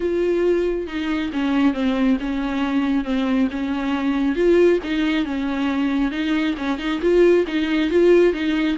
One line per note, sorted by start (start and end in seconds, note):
0.00 0.87 F4
0.87 1.30 D#4
1.33 1.73 C#4
1.73 2.17 C4
2.20 3.04 C#4
3.04 3.48 C4
3.51 4.35 C#4
4.35 4.79 F4
4.83 5.25 D#4
5.25 6.11 C#4
6.11 6.55 D#4
6.57 6.78 C#4
6.78 7.00 D#4
7.01 7.45 F4
7.47 7.90 D#4
7.90 8.33 F4
8.33 8.77 D#4